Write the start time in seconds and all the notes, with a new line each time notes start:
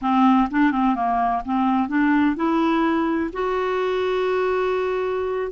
0.01 C4
0.50 D4
0.71 C4
0.95 A#3
1.45 C4
1.88 D4
2.35 E4
3.32 F#4